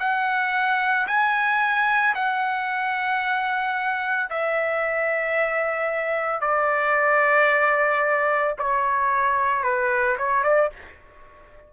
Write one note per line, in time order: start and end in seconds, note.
0.00 1.07 F#5
1.08 2.15 G#5
2.15 4.30 F#5
4.31 6.41 E5
6.41 8.55 D5
8.59 9.64 C#5
9.64 10.17 B4
10.18 10.44 C#5
10.44 10.71 D5